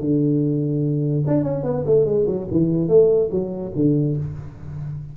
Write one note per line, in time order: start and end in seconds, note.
0.00 1.23 D3
1.27 1.43 D4
1.43 1.63 C#4
1.63 1.84 B3
1.85 2.05 A3
2.05 2.25 G#3
2.26 2.47 F#3
2.51 2.88 E3
2.88 3.29 A3
3.31 3.72 F#3
3.75 4.16 D3